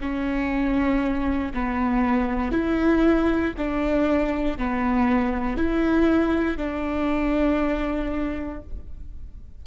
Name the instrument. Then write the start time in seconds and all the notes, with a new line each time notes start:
viola
0.00 C#4
1.53 B3
2.51 E4
3.57 D4
4.58 B3
5.57 E4
6.57 D4